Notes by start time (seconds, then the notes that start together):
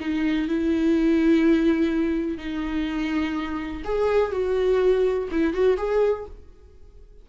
0.00 D#4
0.48 E4
2.37 D#4
3.84 G#4
4.32 F#4
5.31 E4
5.53 F#4
5.77 G#4